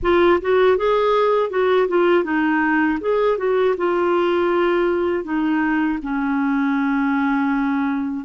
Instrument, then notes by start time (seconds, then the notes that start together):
clarinet
0.02 F4
0.41 F#4
0.77 G#4
1.50 F#4
1.88 F4
2.24 D#4
3.00 G#4
3.37 F#4
3.77 F4
5.24 D#4
6.02 C#4